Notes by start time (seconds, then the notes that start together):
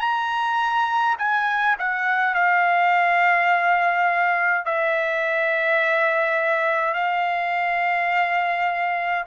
0.00 A#5
1.18 G#5
1.78 F#5
2.34 F5
4.65 E5
6.94 F5